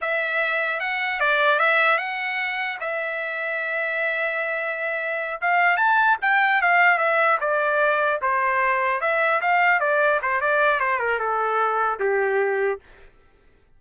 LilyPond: \new Staff \with { instrumentName = "trumpet" } { \time 4/4 \tempo 4 = 150 e''2 fis''4 d''4 | e''4 fis''2 e''4~ | e''1~ | e''4. f''4 a''4 g''8~ |
g''8 f''4 e''4 d''4.~ | d''8 c''2 e''4 f''8~ | f''8 d''4 c''8 d''4 c''8 ais'8 | a'2 g'2 | }